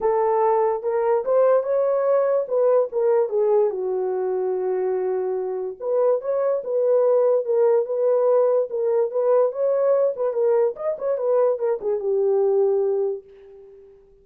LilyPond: \new Staff \with { instrumentName = "horn" } { \time 4/4 \tempo 4 = 145 a'2 ais'4 c''4 | cis''2 b'4 ais'4 | gis'4 fis'2.~ | fis'2 b'4 cis''4 |
b'2 ais'4 b'4~ | b'4 ais'4 b'4 cis''4~ | cis''8 b'8 ais'4 dis''8 cis''8 b'4 | ais'8 gis'8 g'2. | }